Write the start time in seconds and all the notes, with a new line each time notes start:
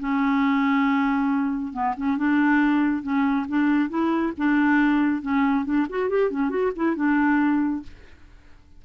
0.00 C#4
1.73 B3
1.97 C#4
2.17 D4
3.03 C#4
3.48 D4
3.89 E4
4.38 D4
5.22 C#4
5.65 D4
5.89 F#4
6.09 G4
6.31 C#4
6.50 F#4
6.76 E4
6.96 D4